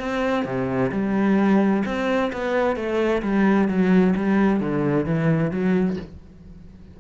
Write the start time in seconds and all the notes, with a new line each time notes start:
0.00 C4
0.46 C3
0.92 G3
1.86 C4
2.33 B3
2.77 A3
3.23 G3
3.69 F#3
4.16 G3
4.61 D3
5.06 E3
5.51 F#3